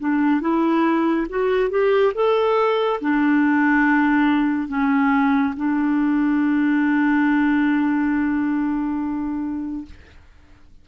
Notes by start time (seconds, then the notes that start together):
0.00 D4
0.41 E4
1.30 F#4
1.70 G4
2.15 A4
3.01 D4
4.69 C#4
5.57 D4